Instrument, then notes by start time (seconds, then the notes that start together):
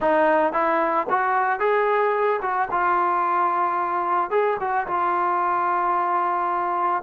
trombone
0.00 D#4
0.52 E4
1.09 F#4
1.59 G#4
2.41 F#4
2.71 F4
4.30 G#4
4.59 F#4
4.87 F4